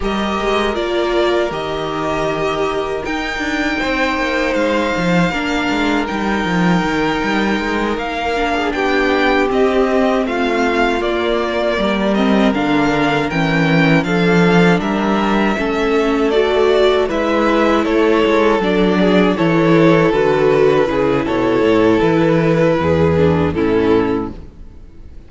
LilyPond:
<<
  \new Staff \with { instrumentName = "violin" } { \time 4/4 \tempo 4 = 79 dis''4 d''4 dis''2 | g''2 f''2 | g''2~ g''8 f''4 g''8~ | g''8 dis''4 f''4 d''4. |
dis''8 f''4 g''4 f''4 e''8~ | e''4. d''4 e''4 cis''8~ | cis''8 d''4 cis''4 b'4. | cis''4 b'2 a'4 | }
  \new Staff \with { instrumentName = "violin" } { \time 4/4 ais'1~ | ais'4 c''2 ais'4~ | ais'2.~ ais'16 gis'16 g'8~ | g'4. f'2 ais'8~ |
ais'2~ ais'8 a'4 ais'8~ | ais'8 a'2 b'4 a'8~ | a'4 gis'8 a'2 gis'8 | a'2 gis'4 e'4 | }
  \new Staff \with { instrumentName = "viola" } { \time 4/4 g'4 f'4 g'2 | dis'2. d'4 | dis'2. d'4~ | d'8 c'2 ais4. |
c'8 d'4 cis'4 d'4.~ | d'8 cis'4 fis'4 e'4.~ | e'8 d'4 e'4 fis'4 e'8~ | e'2~ e'8 d'8 cis'4 | }
  \new Staff \with { instrumentName = "cello" } { \time 4/4 g8 gis8 ais4 dis2 | dis'8 d'8 c'8 ais8 gis8 f8 ais8 gis8 | g8 f8 dis8 g8 gis8 ais4 b8~ | b8 c'4 a4 ais4 g8~ |
g8 d4 e4 f4 g8~ | g8 a2 gis4 a8 | gis8 fis4 e4 d4 cis8 | b,8 a,8 e4 e,4 a,4 | }
>>